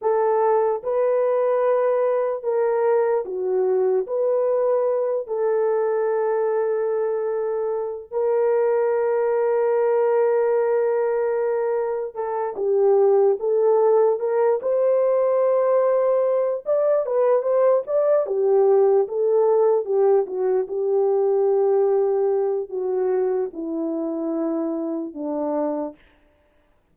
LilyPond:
\new Staff \with { instrumentName = "horn" } { \time 4/4 \tempo 4 = 74 a'4 b'2 ais'4 | fis'4 b'4. a'4.~ | a'2 ais'2~ | ais'2. a'8 g'8~ |
g'8 a'4 ais'8 c''2~ | c''8 d''8 b'8 c''8 d''8 g'4 a'8~ | a'8 g'8 fis'8 g'2~ g'8 | fis'4 e'2 d'4 | }